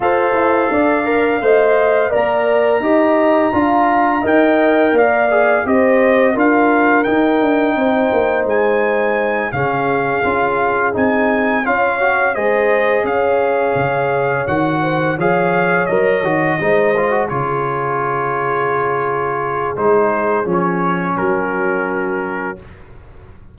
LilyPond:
<<
  \new Staff \with { instrumentName = "trumpet" } { \time 4/4 \tempo 4 = 85 f''2. ais''4~ | ais''2 g''4 f''4 | dis''4 f''4 g''2 | gis''4. f''2 gis''8~ |
gis''8 f''4 dis''4 f''4.~ | f''8 fis''4 f''4 dis''4.~ | dis''8 cis''2.~ cis''8 | c''4 cis''4 ais'2 | }
  \new Staff \with { instrumentName = "horn" } { \time 4/4 c''4 d''4 dis''4 d''4 | dis''4 f''4 dis''4 d''4 | c''4 ais'2 c''4~ | c''4. gis'2~ gis'8~ |
gis'8 cis''4 c''4 cis''4.~ | cis''4 c''8 cis''2 c''8~ | c''8 gis'2.~ gis'8~ | gis'2 fis'2 | }
  \new Staff \with { instrumentName = "trombone" } { \time 4/4 a'4. ais'8 c''4 ais'4 | g'4 f'4 ais'4. gis'8 | g'4 f'4 dis'2~ | dis'4. cis'4 f'4 dis'8~ |
dis'8 f'8 fis'8 gis'2~ gis'8~ | gis'8 fis'4 gis'4 ais'8 fis'8 dis'8 | f'16 fis'16 f'2.~ f'8 | dis'4 cis'2. | }
  \new Staff \with { instrumentName = "tuba" } { \time 4/4 f'8 e'8 d'4 a4 ais4 | dis'4 d'4 dis'4 ais4 | c'4 d'4 dis'8 d'8 c'8 ais8 | gis4. cis4 cis'4 c'8~ |
c'8 cis'4 gis4 cis'4 cis8~ | cis8 dis4 f4 fis8 dis8 gis8~ | gis8 cis2.~ cis8 | gis4 f4 fis2 | }
>>